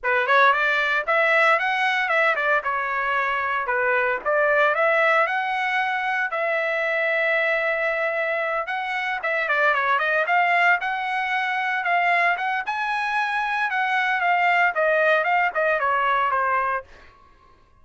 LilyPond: \new Staff \with { instrumentName = "trumpet" } { \time 4/4 \tempo 4 = 114 b'8 cis''8 d''4 e''4 fis''4 | e''8 d''8 cis''2 b'4 | d''4 e''4 fis''2 | e''1~ |
e''8 fis''4 e''8 d''8 cis''8 dis''8 f''8~ | f''8 fis''2 f''4 fis''8 | gis''2 fis''4 f''4 | dis''4 f''8 dis''8 cis''4 c''4 | }